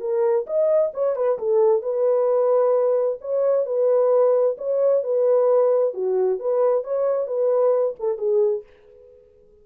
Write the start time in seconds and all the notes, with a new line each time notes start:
0.00 A#4
0.46 D#5
0.94 C#5
1.15 B4
1.38 A4
1.82 B4
3.21 C#5
3.66 B4
4.58 C#5
5.03 B4
5.94 F#4
6.39 B4
6.84 C#5
7.27 B4
7.99 A4
8.18 G#4